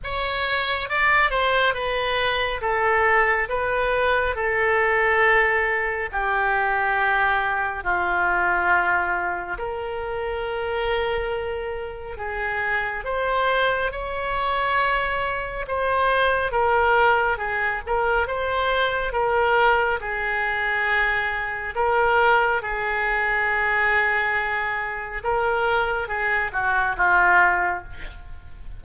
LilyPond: \new Staff \with { instrumentName = "oboe" } { \time 4/4 \tempo 4 = 69 cis''4 d''8 c''8 b'4 a'4 | b'4 a'2 g'4~ | g'4 f'2 ais'4~ | ais'2 gis'4 c''4 |
cis''2 c''4 ais'4 | gis'8 ais'8 c''4 ais'4 gis'4~ | gis'4 ais'4 gis'2~ | gis'4 ais'4 gis'8 fis'8 f'4 | }